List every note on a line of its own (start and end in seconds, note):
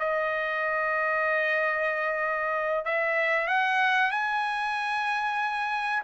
0.00 2.85 D#5
2.85 3.48 E5
3.48 4.11 F#5
4.11 6.03 G#5